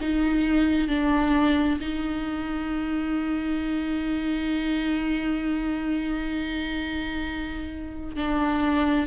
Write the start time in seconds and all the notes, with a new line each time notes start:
0.00 D#4
0.88 D4
1.80 D#4
8.16 D4